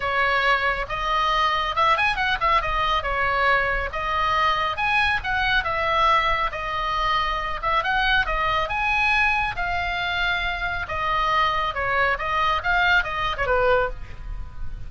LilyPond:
\new Staff \with { instrumentName = "oboe" } { \time 4/4 \tempo 4 = 138 cis''2 dis''2 | e''8 gis''8 fis''8 e''8 dis''4 cis''4~ | cis''4 dis''2 gis''4 | fis''4 e''2 dis''4~ |
dis''4. e''8 fis''4 dis''4 | gis''2 f''2~ | f''4 dis''2 cis''4 | dis''4 f''4 dis''8. cis''16 b'4 | }